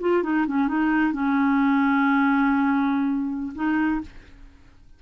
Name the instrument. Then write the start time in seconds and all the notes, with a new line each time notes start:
clarinet
0.00 F4
0.23 D#4
0.47 C#4
0.68 D#4
1.12 C#4
3.55 D#4